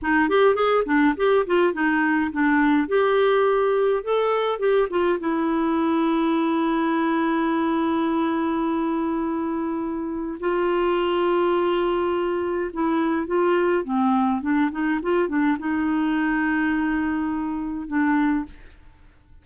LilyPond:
\new Staff \with { instrumentName = "clarinet" } { \time 4/4 \tempo 4 = 104 dis'8 g'8 gis'8 d'8 g'8 f'8 dis'4 | d'4 g'2 a'4 | g'8 f'8 e'2.~ | e'1~ |
e'2 f'2~ | f'2 e'4 f'4 | c'4 d'8 dis'8 f'8 d'8 dis'4~ | dis'2. d'4 | }